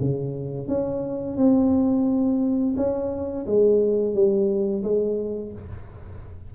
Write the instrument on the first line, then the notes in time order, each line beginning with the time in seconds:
tuba
0.00 C#3
0.68 C#4
1.37 C4
2.76 C#4
3.46 G#3
4.14 G3
4.83 G#3